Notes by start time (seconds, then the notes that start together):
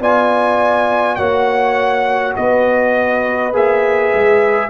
0.00 B3 F4 D5 G#5
1.16 A#3 F#4 C#5 F#5
2.36 B3 B4 D#5
3.53 A#3 G#4 E5
4.14 G#3